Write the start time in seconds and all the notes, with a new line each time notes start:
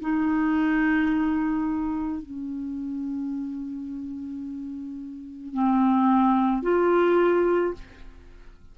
0.00 D#4
2.22 C#4
5.54 C4
6.62 F4